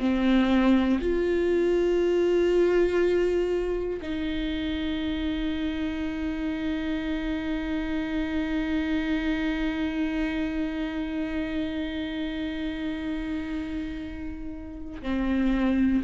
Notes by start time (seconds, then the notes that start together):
0.00 C4
1.01 F4
4.02 D#4
15.02 C4